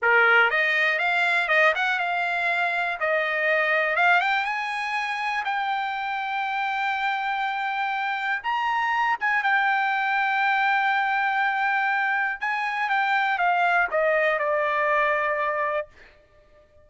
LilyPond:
\new Staff \with { instrumentName = "trumpet" } { \time 4/4 \tempo 4 = 121 ais'4 dis''4 f''4 dis''8 fis''8 | f''2 dis''2 | f''8 g''8 gis''2 g''4~ | g''1~ |
g''4 ais''4. gis''8 g''4~ | g''1~ | g''4 gis''4 g''4 f''4 | dis''4 d''2. | }